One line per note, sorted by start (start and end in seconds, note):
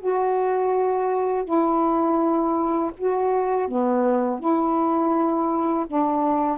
0.00 1.45 F#4
1.45 2.91 E4
2.97 3.68 F#4
3.68 4.39 B3
4.39 5.86 E4
5.87 6.58 D4